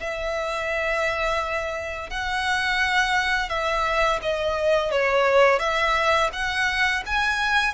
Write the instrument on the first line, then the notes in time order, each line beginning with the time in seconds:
violin
0.00 E5
2.10 F#5
3.49 E5
4.22 D#5
4.91 C#5
5.59 E5
6.32 F#5
7.06 G#5